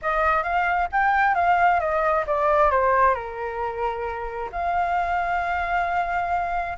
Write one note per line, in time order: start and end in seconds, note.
0.02 0.43 D#5
0.43 0.88 F5
0.92 1.35 G5
1.35 1.79 F5
1.79 2.25 D#5
2.27 2.71 D5
2.71 3.14 C5
3.14 4.49 A#4
4.52 6.77 F5